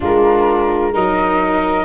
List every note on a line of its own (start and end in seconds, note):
0.00 0.94 G#3
0.00 0.93 D4
0.00 0.92 F4
0.00 0.94 A#4
0.92 1.85 F#3
0.92 1.85 D#4
0.92 1.85 A#4
0.92 1.85 D#5